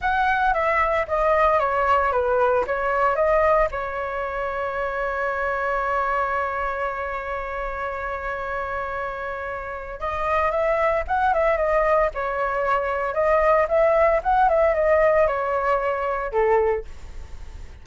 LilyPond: \new Staff \with { instrumentName = "flute" } { \time 4/4 \tempo 4 = 114 fis''4 e''4 dis''4 cis''4 | b'4 cis''4 dis''4 cis''4~ | cis''1~ | cis''1~ |
cis''2. dis''4 | e''4 fis''8 e''8 dis''4 cis''4~ | cis''4 dis''4 e''4 fis''8 e''8 | dis''4 cis''2 a'4 | }